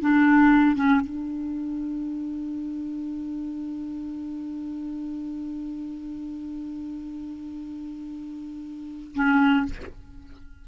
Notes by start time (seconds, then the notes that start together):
0.00 D4
0.75 C#4
1.00 D4
9.14 C#4